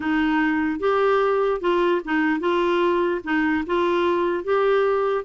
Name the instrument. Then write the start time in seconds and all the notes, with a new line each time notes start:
clarinet
0.00 D#4
0.79 G4
1.61 F4
2.04 D#4
2.40 F4
3.24 D#4
3.66 F4
4.44 G4